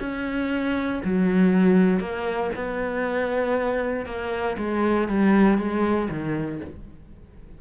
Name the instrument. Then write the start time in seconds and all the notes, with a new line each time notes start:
cello
0.00 C#4
1.04 F#3
2.00 A#3
2.55 B3
4.06 A#3
4.58 G#3
5.09 G3
5.58 G#3
6.10 D#3